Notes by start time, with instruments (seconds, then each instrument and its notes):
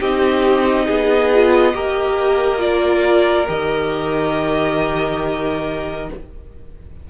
0.00 cello C4, viola D#4, violin G4 D#5
0.86 cello B3, violin G#4
1.34 viola F4
1.73 cello A#3, viola G4, violin A#4
2.58 viola F4, violin D5
3.47 cello D#3, viola G4, violin D#5